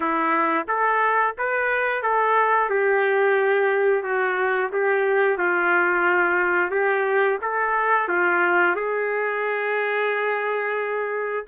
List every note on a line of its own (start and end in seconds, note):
0.00 0.66 E4
0.68 1.35 A4
1.38 2.02 B4
2.02 2.69 A4
2.69 4.03 G4
4.03 4.70 F#4
4.72 5.37 G4
5.37 6.70 F4
6.70 7.38 G4
7.41 8.08 A4
8.08 8.75 F4
8.75 11.45 G#4